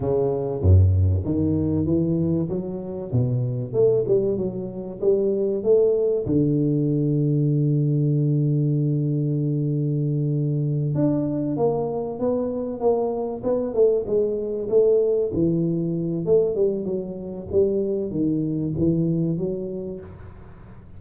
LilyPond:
\new Staff \with { instrumentName = "tuba" } { \time 4/4 \tempo 4 = 96 cis4 fis,4 dis4 e4 | fis4 b,4 a8 g8 fis4 | g4 a4 d2~ | d1~ |
d4. d'4 ais4 b8~ | b8 ais4 b8 a8 gis4 a8~ | a8 e4. a8 g8 fis4 | g4 dis4 e4 fis4 | }